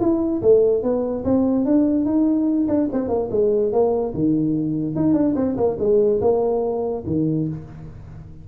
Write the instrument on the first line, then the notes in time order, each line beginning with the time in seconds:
tuba
0.00 E4
0.42 A3
0.83 B3
1.25 C4
1.65 D4
2.05 D#4
2.68 D4
2.92 C4
3.08 A#3
3.31 G#3
3.72 A#3
4.14 D#3
4.95 D#4
5.14 D4
5.35 C4
5.57 A#3
5.79 G#3
6.21 A#3
7.06 D#3